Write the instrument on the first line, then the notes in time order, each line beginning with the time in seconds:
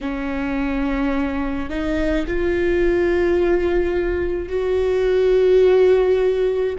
viola
0.00 C#4
1.69 D#4
2.26 F4
4.48 F#4